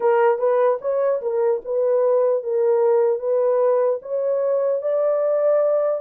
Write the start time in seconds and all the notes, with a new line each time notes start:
0.00 A#4
0.38 B4
0.81 C#5
1.21 A#4
1.64 B4
2.43 A#4
3.19 B4
4.01 C#5
4.81 D5